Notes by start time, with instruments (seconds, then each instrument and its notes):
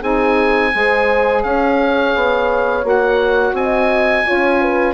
0.00 bassoon C4, saxophone D#4, horn G#4, oboe G#5
0.74 bassoon G#3, saxophone G#4, horn C5
1.44 bassoon C#4, horn C#5, oboe F5
2.16 bassoon B3
2.82 bassoon A#3, saxophone F#4
2.89 oboe F#5
3.53 bassoon C4, horn D#5, oboe G#5
4.24 saxophone F4, horn C#5
4.31 bassoon C#4
4.62 horn B4